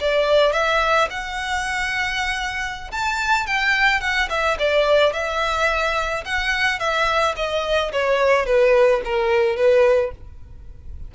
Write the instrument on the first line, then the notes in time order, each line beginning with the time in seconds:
violin
0.00 D5
0.52 E5
1.10 F#5
2.91 A5
3.46 G5
4.01 F#5
4.29 E5
4.59 D5
5.13 E5
6.25 F#5
6.79 E5
7.36 D#5
7.92 C#5
8.45 B4
9.04 A#4
9.56 B4